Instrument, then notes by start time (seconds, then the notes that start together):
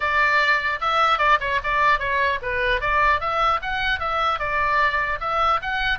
oboe
0.00 D5
0.80 E5
1.18 D5
1.40 C#5
1.63 D5
1.99 C#5
2.41 B4
2.80 D5
3.20 E5
3.62 F#5
3.99 E5
4.39 D5
5.20 E5
5.62 F#5